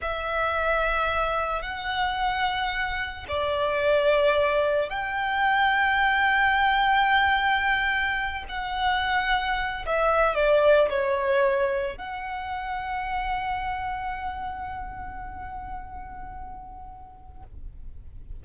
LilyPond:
\new Staff \with { instrumentName = "violin" } { \time 4/4 \tempo 4 = 110 e''2. fis''4~ | fis''2 d''2~ | d''4 g''2.~ | g''2.~ g''8 fis''8~ |
fis''2 e''4 d''4 | cis''2 fis''2~ | fis''1~ | fis''1 | }